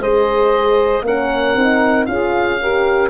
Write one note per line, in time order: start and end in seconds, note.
0.00 1.03 G#3
0.00 1.05 G#4
0.00 1.04 C5
0.00 1.06 D#5
1.03 1.54 A#3
1.03 1.58 C#4
1.03 2.08 A#4
1.03 2.06 F#5
1.55 2.07 C4
1.55 2.08 D#4
2.06 3.10 C#4
2.06 2.60 F4
2.06 2.61 G#4
2.06 3.10 F5
2.61 3.10 G4
2.61 3.10 A#4